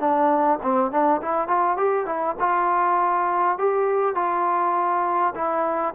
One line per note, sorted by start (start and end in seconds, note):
0.00 0.59 D4
0.63 0.92 C4
0.92 1.22 D4
1.22 1.48 E4
1.48 1.77 F4
1.77 2.06 G4
2.06 2.36 E4
2.40 3.58 F4
3.58 4.15 G4
4.15 5.34 F4
5.35 5.95 E4